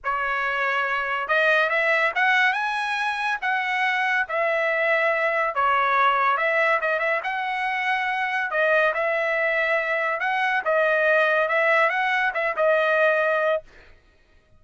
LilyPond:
\new Staff \with { instrumentName = "trumpet" } { \time 4/4 \tempo 4 = 141 cis''2. dis''4 | e''4 fis''4 gis''2 | fis''2 e''2~ | e''4 cis''2 e''4 |
dis''8 e''8 fis''2. | dis''4 e''2. | fis''4 dis''2 e''4 | fis''4 e''8 dis''2~ dis''8 | }